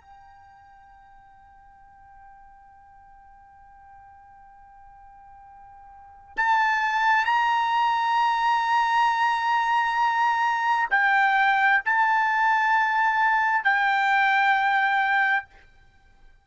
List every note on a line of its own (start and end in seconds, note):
0.00 6.36 G5
6.36 7.25 A5
7.25 10.88 A#5
10.90 11.81 G5
11.85 13.63 A5
13.63 15.45 G5